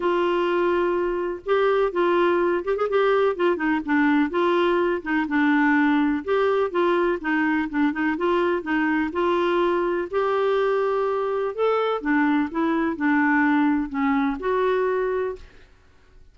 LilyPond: \new Staff \with { instrumentName = "clarinet" } { \time 4/4 \tempo 4 = 125 f'2. g'4 | f'4. g'16 gis'16 g'4 f'8 dis'8 | d'4 f'4. dis'8 d'4~ | d'4 g'4 f'4 dis'4 |
d'8 dis'8 f'4 dis'4 f'4~ | f'4 g'2. | a'4 d'4 e'4 d'4~ | d'4 cis'4 fis'2 | }